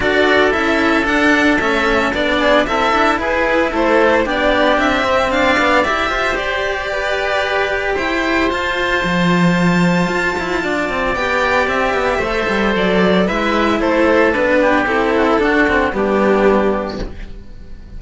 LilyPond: <<
  \new Staff \with { instrumentName = "violin" } { \time 4/4 \tempo 4 = 113 d''4 e''4 fis''4 e''4 | d''4 e''4 b'4 c''4 | d''4 e''4 f''4 e''4 | d''2. g''4 |
a''1~ | a''4 g''4 e''2 | d''4 e''4 c''4 b'4 | a'2 g'2 | }
  \new Staff \with { instrumentName = "oboe" } { \time 4/4 a'1~ | a'8 gis'8 a'4 gis'4 a'4 | g'2 d''4. c''8~ | c''4 b'2 c''4~ |
c''1 | d''2. c''4~ | c''4 b'4 a'4. g'8~ | g'8 fis'16 e'16 fis'4 d'2 | }
  \new Staff \with { instrumentName = "cello" } { \time 4/4 fis'4 e'4 d'4 cis'4 | d'4 e'2. | d'4. c'4 b8 g'4~ | g'1 |
f'1~ | f'4 g'2 a'4~ | a'4 e'2 d'4 | e'4 d'8 c'8 b2 | }
  \new Staff \with { instrumentName = "cello" } { \time 4/4 d'4 cis'4 d'4 a4 | b4 c'8 d'8 e'4 a4 | b4 c'4 d'4 e'8 f'8 | g'2. e'4 |
f'4 f2 f'8 e'8 | d'8 c'8 b4 c'8 b8 a8 g8 | fis4 gis4 a4 b4 | c'4 d'4 g2 | }
>>